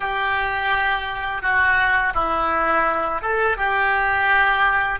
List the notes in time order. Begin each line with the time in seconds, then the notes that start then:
0.00 G4
1.42 F#4
2.14 E4
3.21 A4
3.57 G4